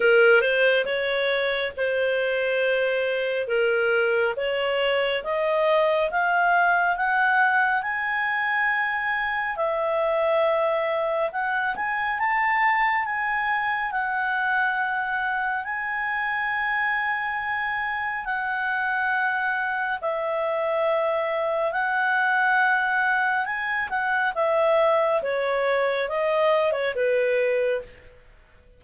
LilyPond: \new Staff \with { instrumentName = "clarinet" } { \time 4/4 \tempo 4 = 69 ais'8 c''8 cis''4 c''2 | ais'4 cis''4 dis''4 f''4 | fis''4 gis''2 e''4~ | e''4 fis''8 gis''8 a''4 gis''4 |
fis''2 gis''2~ | gis''4 fis''2 e''4~ | e''4 fis''2 gis''8 fis''8 | e''4 cis''4 dis''8. cis''16 b'4 | }